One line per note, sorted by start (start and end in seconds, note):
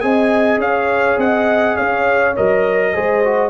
0.00 0.57 C4
0.00 2.33 G#4
0.00 0.62 D#5
0.00 0.59 G#5
0.57 1.16 C#4
0.57 1.20 C#5
0.57 1.19 F5
1.17 1.75 C4
1.17 1.76 D#5
1.17 1.76 F#5
1.76 2.37 C#4
1.76 2.92 C#5
1.76 2.35 F5
2.36 2.96 F#3
2.36 2.94 A#4
2.36 3.50 D#5
2.93 3.50 G#3
2.93 3.23 G#4
2.93 3.50 C5
3.24 3.50 F#4